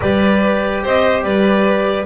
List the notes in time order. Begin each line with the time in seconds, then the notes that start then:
0.00 G3 G4 B4 D5
0.83 C4 C5 D#5
1.23 G3 B4 D5